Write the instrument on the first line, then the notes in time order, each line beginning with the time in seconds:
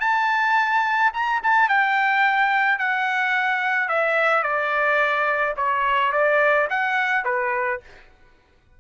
trumpet
0.00 A5
1.13 A#5
1.43 A5
1.69 G5
2.79 F#5
3.89 E5
4.43 D5
5.57 C#5
6.12 D5
6.70 F#5
7.24 B4